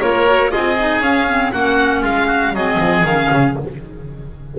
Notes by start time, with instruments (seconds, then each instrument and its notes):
0.00 double bass A#3, clarinet F4, oboe A#4, violin C#5
0.26 clarinet F#4
0.49 clarinet F4, oboe G#4, violin D#5
0.56 double bass C4
0.78 clarinet D#4
1.00 double bass C#4, clarinet C#4, violin F5
1.28 clarinet C4
1.52 double bass A#3, clarinet C#4, oboe F#4, violin F#5
2.01 double bass G#3, oboe F4, violin F5
2.27 oboe F#4
2.52 double bass F#3, clarinet C4, oboe G#4, violin D#5
2.80 double bass F3
3.04 double bass D#3, clarinet C#4, violin F5
3.31 double bass C#3